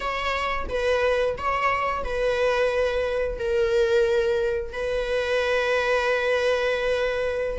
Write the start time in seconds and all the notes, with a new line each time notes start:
0.00 C#5
0.68 B4
1.37 C#5
2.04 B4
3.38 A#4
4.72 B4